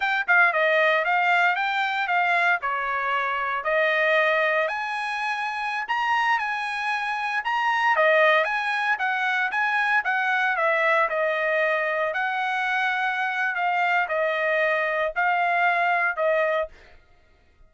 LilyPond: \new Staff \with { instrumentName = "trumpet" } { \time 4/4 \tempo 4 = 115 g''8 f''8 dis''4 f''4 g''4 | f''4 cis''2 dis''4~ | dis''4 gis''2~ gis''16 ais''8.~ | ais''16 gis''2 ais''4 dis''8.~ |
dis''16 gis''4 fis''4 gis''4 fis''8.~ | fis''16 e''4 dis''2 fis''8.~ | fis''2 f''4 dis''4~ | dis''4 f''2 dis''4 | }